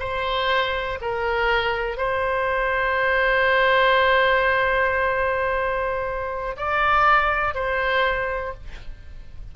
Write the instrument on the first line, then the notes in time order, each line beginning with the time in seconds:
oboe
0.00 C5
1.02 A#4
1.98 C5
6.57 D5
7.55 C5